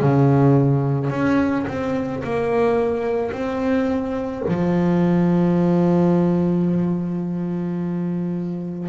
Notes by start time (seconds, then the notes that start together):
0.00 C#3
1.10 C#4
1.67 C4
2.24 A#3
3.32 C4
4.48 F3